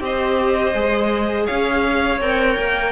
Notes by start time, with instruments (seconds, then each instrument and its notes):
0.00 cello C4, viola G4, violin C5 D#5
0.74 cello G#3, viola G#4
1.46 cello C#4, violin C#5 F5
2.21 cello C4, viola A#4, violin G5
2.58 cello A#3